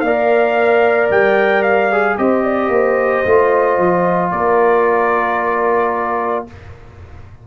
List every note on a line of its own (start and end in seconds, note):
0.00 1.09 A#3
0.00 2.18 D5
0.00 1.07 F5
0.06 1.91 A#4
1.10 2.17 G3
1.10 1.62 G5
1.62 2.16 F5
1.91 2.18 G#4
2.17 2.68 C4
2.17 3.25 G4
2.17 2.43 C5
2.17 4.31 D#5
2.43 2.70 D5
2.68 3.21 A#3
2.68 4.32 C5
3.25 3.78 A3
3.25 6.47 F4
3.78 4.31 F3
4.31 6.46 A#3
4.31 6.47 A#4
4.31 6.45 D5